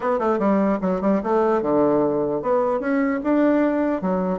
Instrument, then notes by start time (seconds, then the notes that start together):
bassoon
0.00 B3
0.19 A3
0.38 G3
0.81 F#3
1.01 G3
1.23 A3
1.61 D3
2.42 B3
2.79 C#4
3.23 D4
4.01 F#3